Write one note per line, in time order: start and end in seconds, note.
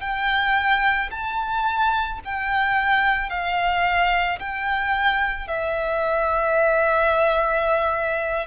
0.00 1.09 G5
1.11 2.20 A5
2.25 3.30 G5
3.30 4.39 F5
4.39 5.47 G5
5.47 8.46 E5